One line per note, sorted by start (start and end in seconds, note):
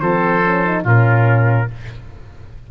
0.00 0.85 F3
0.00 0.43 C4
0.00 0.84 A4
0.00 0.83 C5
0.44 0.65 C#4
0.65 0.84 D#4
0.84 1.68 A#2
0.84 1.67 C#4
0.84 1.67 F4
0.84 1.71 A#4